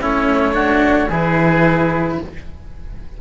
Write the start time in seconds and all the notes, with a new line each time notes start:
0.00 A3 C#4 E4 C#5
0.53 D4 F#4
1.09 E3 E4 G#4 B4